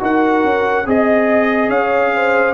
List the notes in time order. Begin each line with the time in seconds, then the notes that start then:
0.00 D#4 F#4 A#4 F#5
0.44 C#4
0.87 C4 G#4 D#5
1.69 C#4 C#5 F5
2.14 C5